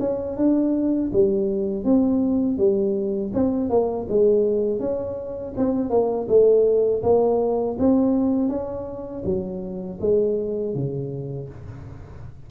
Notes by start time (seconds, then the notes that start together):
0.00 C#4
0.37 D4
1.13 G3
1.85 C4
2.58 G3
3.34 C4
3.70 A#3
4.09 G#3
4.80 C#4
5.57 C4
5.90 A#3
6.29 A3
7.03 A#3
7.79 C4
8.49 C#4
9.25 F#3
10.01 G#3
10.75 C#3